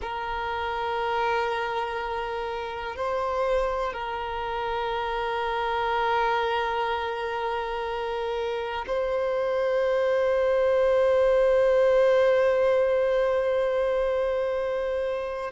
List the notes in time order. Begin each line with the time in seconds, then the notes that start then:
0.01 A#4
2.96 C5
3.93 A#4
8.87 C5